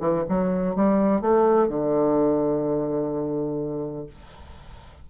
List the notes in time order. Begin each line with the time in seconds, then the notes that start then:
0.00 E3
0.29 F#3
0.76 G3
1.21 A3
1.68 D3